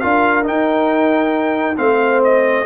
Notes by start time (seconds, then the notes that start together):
0.00 D4 F4 A#4 F5
0.43 D#4 G5
1.77 A3 C4 C5 F5
2.24 D#5